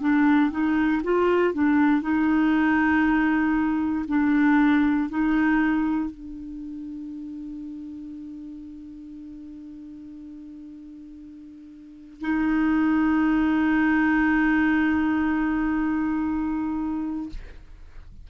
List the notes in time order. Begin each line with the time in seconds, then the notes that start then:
0.00 D4
0.50 D#4
1.03 F4
1.53 D4
2.02 D#4
4.07 D4
5.09 D#4
6.10 D4
12.20 D#4